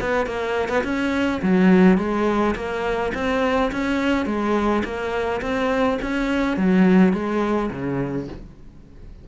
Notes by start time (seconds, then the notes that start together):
0.00 B3
0.26 A#3
0.69 B3
0.84 C#4
1.42 F#3
1.98 G#3
2.55 A#3
3.14 C4
3.71 C#4
4.25 G#3
4.84 A#3
5.41 C4
6.02 C#4
6.57 F#3
7.13 G#3
7.71 C#3